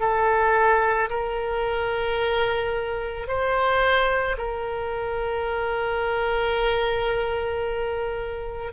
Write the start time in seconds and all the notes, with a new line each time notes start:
0.00 A4
1.09 A#4
3.27 C5
4.37 A#4